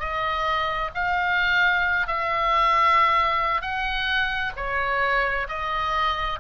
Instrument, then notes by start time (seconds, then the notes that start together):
oboe
0.00 D#5
0.95 F5
2.08 E5
3.62 F#5
4.57 C#5
5.49 D#5